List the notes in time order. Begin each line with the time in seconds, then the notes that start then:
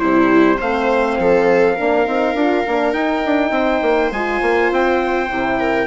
0.00 C3 G3 E4 C5
0.58 A3 C4 C5 F5
1.19 F3 A4
1.76 A#3 D4 A#4
2.06 C4 D#4
2.35 D4 F4
2.66 A#3 D4
2.94 D#4 G5
3.26 D4
3.51 C4 C5
3.82 A#3
4.12 G#3 F4 G#5
4.42 A#3
4.72 C4 G5
5.30 C3 E4
5.60 A#4